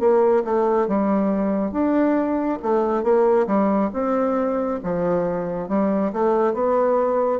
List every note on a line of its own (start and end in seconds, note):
0.00 0.43 A#3
0.45 0.88 A3
0.88 1.72 G3
1.72 2.59 D4
2.63 3.03 A3
3.03 3.47 A#3
3.47 3.91 G3
3.93 4.80 C4
4.83 5.69 F3
5.69 6.12 G3
6.13 6.54 A3
6.54 7.40 B3